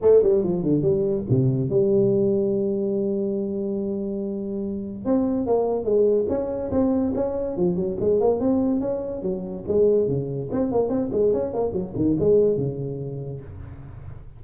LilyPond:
\new Staff \with { instrumentName = "tuba" } { \time 4/4 \tempo 4 = 143 a8 g8 f8 d8 g4 c4 | g1~ | g1 | c'4 ais4 gis4 cis'4 |
c'4 cis'4 f8 fis8 gis8 ais8 | c'4 cis'4 fis4 gis4 | cis4 c'8 ais8 c'8 gis8 cis'8 ais8 | fis8 dis8 gis4 cis2 | }